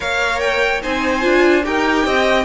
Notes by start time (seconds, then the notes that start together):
0.00 A#3 A#4 C#5 F5
0.40 G5
0.82 C4 D#4 C5 G#5
1.21 D4 F4
1.63 D#4 G4 A#4 G5
2.05 C4 D#5